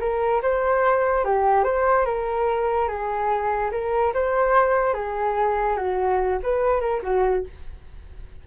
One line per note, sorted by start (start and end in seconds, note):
0.00 0.41 A#4
0.42 1.25 C5
1.25 1.64 G4
1.64 2.05 C5
2.05 2.88 A#4
2.88 3.71 G#4
3.71 4.13 A#4
4.14 4.94 C5
4.94 5.76 G#4
5.76 6.39 F#4
6.43 6.81 B4
6.81 7.01 A#4
7.02 7.44 F#4